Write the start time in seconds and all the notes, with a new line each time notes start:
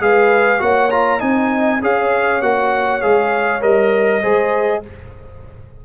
0.00 G#3 G#4 B4 F5
0.59 A#3 F#4 C#5 F#5
0.91 F4 A#5
1.19 C4 D#4 D#5 G#5
1.82 C#4 G#4 C#5 F5
2.42 A#3 F#4 F#5
3.01 G#3 G#4 F5
3.61 G3 A#4 D#5
4.21 G#3 G#4 C5